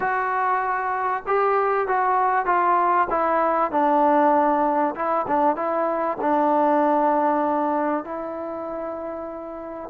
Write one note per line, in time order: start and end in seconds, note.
0.00 1.23 F#4
1.26 1.87 G4
1.87 2.45 F#4
2.45 3.07 F4
3.09 3.71 E4
3.71 4.95 D4
4.95 5.26 E4
5.27 5.55 D4
5.55 6.17 E4
6.20 8.04 D4
8.04 9.90 E4